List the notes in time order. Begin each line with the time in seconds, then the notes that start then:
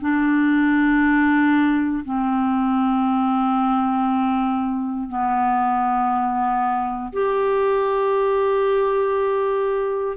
0.00 D4
2.04 C4
5.08 B3
7.12 G4